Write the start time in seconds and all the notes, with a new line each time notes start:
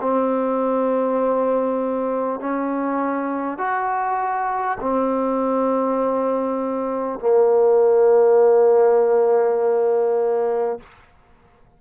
0.00 C4
2.39 C#4
3.58 F#4
4.80 C4
7.19 A#3